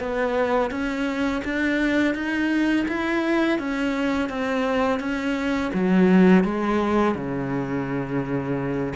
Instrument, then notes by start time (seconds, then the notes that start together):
cello
0.00 B3
0.71 C#4
1.44 D4
2.15 D#4
2.88 E4
3.59 C#4
4.30 C4
5.00 C#4
5.74 F#3
6.44 G#3
7.15 C#3